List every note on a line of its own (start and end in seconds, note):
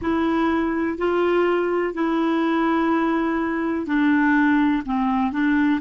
0.01 0.98 E4
0.98 1.94 F4
1.94 3.86 E4
3.86 4.83 D4
4.85 5.31 C4
5.31 5.80 D4